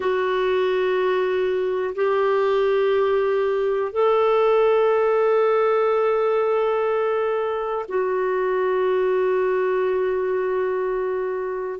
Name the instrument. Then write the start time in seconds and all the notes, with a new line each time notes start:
clarinet
0.00 F#4
1.95 G4
3.92 A4
7.88 F#4